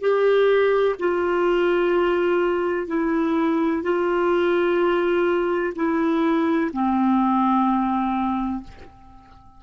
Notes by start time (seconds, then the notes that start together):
0.00 G4
0.99 F4
2.87 E4
3.83 F4
5.75 E4
6.72 C4